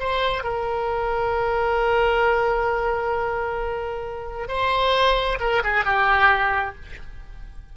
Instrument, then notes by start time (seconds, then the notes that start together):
oboe
0.00 C5
0.44 A#4
4.49 C5
5.40 A#4
5.64 G#4
5.85 G4